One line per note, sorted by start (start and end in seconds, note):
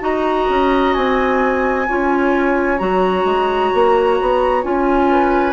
0.00 0.47 D#4
0.00 1.85 F#4
0.00 1.88 D#5
0.00 0.93 A#5
0.49 0.95 C#4
0.93 1.88 C4
0.93 2.78 G#5
1.88 2.80 C#4
1.88 2.78 F4
1.88 5.11 C#5
2.78 3.24 F#3
2.78 4.62 F#4
2.78 4.62 A#5
3.24 3.70 G#3
3.74 4.20 A#3
4.20 4.64 B3
4.62 5.52 C#4
4.62 5.52 F4
4.62 5.52 G#5
5.11 5.52 B4